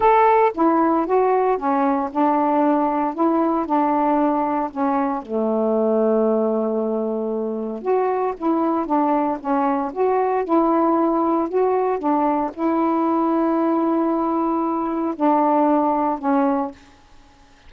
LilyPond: \new Staff \with { instrumentName = "saxophone" } { \time 4/4 \tempo 4 = 115 a'4 e'4 fis'4 cis'4 | d'2 e'4 d'4~ | d'4 cis'4 a2~ | a2. fis'4 |
e'4 d'4 cis'4 fis'4 | e'2 fis'4 d'4 | e'1~ | e'4 d'2 cis'4 | }